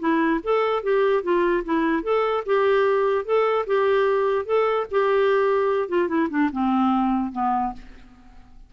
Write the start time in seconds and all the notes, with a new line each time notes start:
0.00 E4
0.44 A4
0.83 G4
1.23 F4
1.65 E4
2.04 A4
2.46 G4
3.25 A4
3.67 G4
4.46 A4
4.91 G4
5.89 F4
6.08 E4
6.30 D4
6.53 C4
7.33 B3